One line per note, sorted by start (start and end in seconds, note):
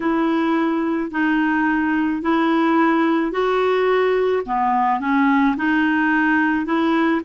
0.00 1.11 E4
1.11 2.22 D#4
2.22 3.31 E4
3.31 4.42 F#4
4.45 5.00 B3
5.00 5.56 C#4
5.56 6.65 D#4
6.65 7.21 E4